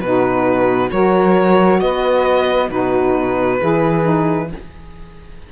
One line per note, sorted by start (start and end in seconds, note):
0.00 0.90 B2
0.00 0.90 D#4
0.00 0.92 F#4
0.00 0.90 B4
0.90 1.82 F#3
0.90 2.68 F#4
0.90 1.81 A#4
0.90 1.80 C#5
1.80 2.70 B3
1.80 2.70 B4
1.80 2.70 D#5
2.68 3.60 B2
2.68 3.58 D#4
2.68 3.60 F#4
2.68 4.50 B4
3.59 4.52 E3
3.59 4.02 E4
3.59 4.49 G#4
4.02 4.47 D#4